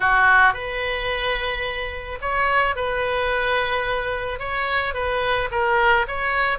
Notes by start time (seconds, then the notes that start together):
0.00 F#4
0.53 B4
2.21 C#5
2.75 B4
4.39 C#5
4.94 B4
5.51 A#4
6.07 C#5